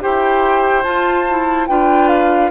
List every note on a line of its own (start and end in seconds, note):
0.00 0.84 E4
0.00 0.83 G4
0.00 1.69 C5
0.00 0.82 G5
0.82 1.26 F4
0.82 1.68 F4
0.82 1.66 A5
1.29 1.68 E4
1.67 2.51 D4
1.67 2.51 F4
1.67 2.51 B4
1.67 2.08 G5
2.08 2.50 F5